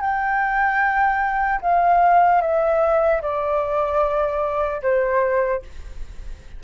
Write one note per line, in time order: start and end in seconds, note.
0.00 1.60 G5
1.61 2.41 F5
2.41 3.21 E5
3.21 4.81 D5
4.82 5.62 C5